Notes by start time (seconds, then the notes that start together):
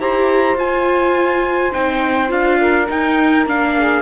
0.00 E4 G4 C5 A#5
0.55 F4 G#5
1.73 C4 D#4 G5
2.28 D4 F4 F5
2.61 A#4
2.89 D#4 G5
3.47 A#3 D4 F5
3.78 G#4